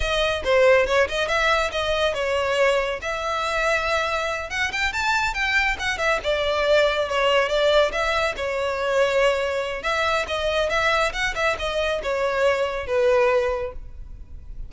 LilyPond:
\new Staff \with { instrumentName = "violin" } { \time 4/4 \tempo 4 = 140 dis''4 c''4 cis''8 dis''8 e''4 | dis''4 cis''2 e''4~ | e''2~ e''8 fis''8 g''8 a''8~ | a''8 g''4 fis''8 e''8 d''4.~ |
d''8 cis''4 d''4 e''4 cis''8~ | cis''2. e''4 | dis''4 e''4 fis''8 e''8 dis''4 | cis''2 b'2 | }